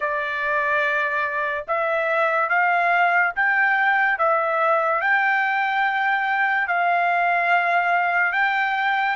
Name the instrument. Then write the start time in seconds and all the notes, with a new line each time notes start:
trumpet
0.00 D5
1.67 E5
2.49 F5
3.35 G5
4.18 E5
5.01 G5
6.67 F5
8.32 G5